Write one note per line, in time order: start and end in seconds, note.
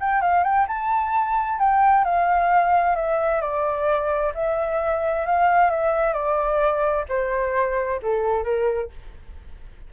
0.00 0.21 G5
0.21 0.43 F5
0.43 0.66 G5
0.67 1.59 A5
1.59 2.04 G5
2.04 2.95 F5
2.95 3.41 E5
3.41 4.33 D5
4.34 5.26 E5
5.26 5.70 F5
5.70 6.13 E5
6.13 7.05 D5
7.08 8.00 C5
8.02 8.44 A4
8.44 8.90 A#4